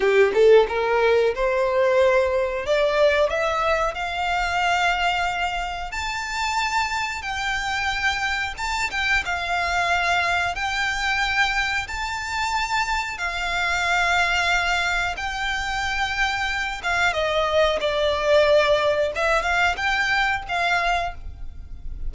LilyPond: \new Staff \with { instrumentName = "violin" } { \time 4/4 \tempo 4 = 91 g'8 a'8 ais'4 c''2 | d''4 e''4 f''2~ | f''4 a''2 g''4~ | g''4 a''8 g''8 f''2 |
g''2 a''2 | f''2. g''4~ | g''4. f''8 dis''4 d''4~ | d''4 e''8 f''8 g''4 f''4 | }